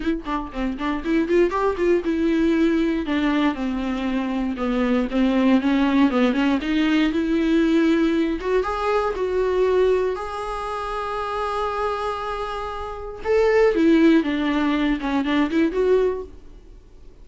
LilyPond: \new Staff \with { instrumentName = "viola" } { \time 4/4 \tempo 4 = 118 e'8 d'8 c'8 d'8 e'8 f'8 g'8 f'8 | e'2 d'4 c'4~ | c'4 b4 c'4 cis'4 | b8 cis'8 dis'4 e'2~ |
e'8 fis'8 gis'4 fis'2 | gis'1~ | gis'2 a'4 e'4 | d'4. cis'8 d'8 e'8 fis'4 | }